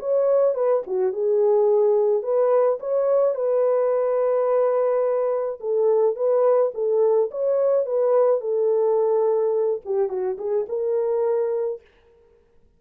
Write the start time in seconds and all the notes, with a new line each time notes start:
0.00 C#5
0.55 B4
0.87 F#4
1.13 G#4
2.23 B4
2.80 C#5
3.36 B4
5.60 A4
6.16 B4
6.75 A4
7.31 C#5
7.87 B4
8.41 A4
9.86 G4
10.10 F#4
10.39 G#4
10.69 A#4